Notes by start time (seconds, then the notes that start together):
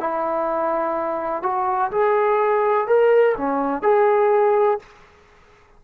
0.00 E4
1.43 F#4
1.91 G#4
2.88 A#4
3.38 C#4
3.83 G#4